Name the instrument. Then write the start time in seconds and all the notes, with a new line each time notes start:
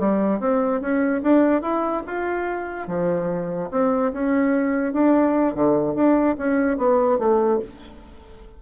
bassoon
0.00 G3
0.40 C4
0.81 C#4
1.23 D4
1.62 E4
2.07 F4
2.88 F3
3.72 C4
4.13 C#4
4.93 D4
5.55 D3
5.95 D4
6.38 C#4
6.78 B3
7.19 A3